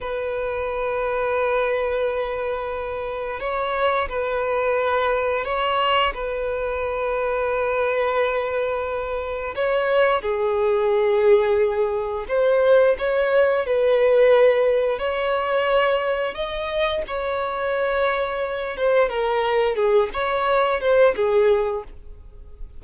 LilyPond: \new Staff \with { instrumentName = "violin" } { \time 4/4 \tempo 4 = 88 b'1~ | b'4 cis''4 b'2 | cis''4 b'2.~ | b'2 cis''4 gis'4~ |
gis'2 c''4 cis''4 | b'2 cis''2 | dis''4 cis''2~ cis''8 c''8 | ais'4 gis'8 cis''4 c''8 gis'4 | }